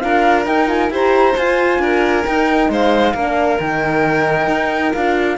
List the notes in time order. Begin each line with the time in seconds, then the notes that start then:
0.00 D4 F4 A#4 F5
0.46 D#4 G5
0.67 F4 G#5
0.90 E4 G4 C5 A#5
1.36 F4 G#5
1.78 D4 A#4
2.26 D#4 G5
2.69 G#3 C5 F5
3.13 A#3 D4 A#4
3.60 D#3 D#4 G5
4.47 D#4
4.93 D4 F4 F5